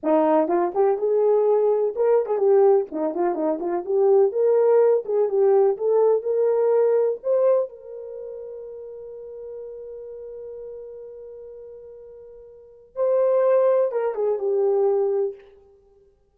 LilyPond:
\new Staff \with { instrumentName = "horn" } { \time 4/4 \tempo 4 = 125 dis'4 f'8 g'8 gis'2 | ais'8. gis'16 g'4 dis'8 f'8 dis'8 f'8 | g'4 ais'4. gis'8 g'4 | a'4 ais'2 c''4 |
ais'1~ | ais'1~ | ais'2. c''4~ | c''4 ais'8 gis'8 g'2 | }